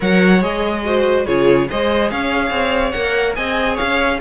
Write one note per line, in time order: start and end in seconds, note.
0.00 0.42 F#3
0.00 0.41 A#4
0.00 0.84 C#5
0.00 0.42 F#5
0.41 1.26 G#3
0.41 0.83 G#4
0.41 1.26 D#5
0.84 1.26 F#4
0.84 1.26 C5
1.26 1.68 C#3
1.26 1.68 F4
1.26 1.68 G#4
1.26 1.68 C#5
1.69 2.11 G#3
1.69 2.94 G#4
1.69 2.11 C5
1.69 2.10 D#5
2.10 2.50 C#4
2.10 3.36 C#5
2.10 2.91 F5
2.50 2.92 C4
2.91 3.37 A#3
2.91 3.35 A#4
2.91 3.33 F#5
3.35 3.79 C4
3.35 4.19 G#4
3.35 3.74 D#5
3.35 3.77 G#5
3.74 4.16 C#5
3.74 4.19 F5
3.81 4.20 C#4